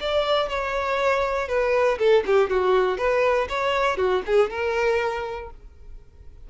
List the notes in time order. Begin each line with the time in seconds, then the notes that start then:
0.00 D5
0.49 C#5
1.48 B4
1.98 A4
2.26 G4
2.49 F#4
2.97 B4
3.49 C#5
3.97 F#4
4.26 G#4
4.50 A#4